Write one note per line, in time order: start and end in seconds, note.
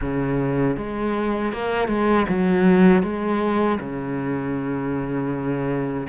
0.01 0.76 C#3
0.76 1.52 G#3
1.52 1.88 A#3
1.88 2.26 G#3
2.28 3.02 F#3
3.02 3.78 G#3
3.79 6.07 C#3